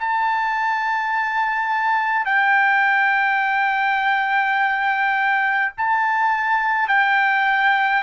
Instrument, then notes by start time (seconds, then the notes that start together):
trumpet
0.00 A5
2.26 G5
5.77 A5
6.89 G5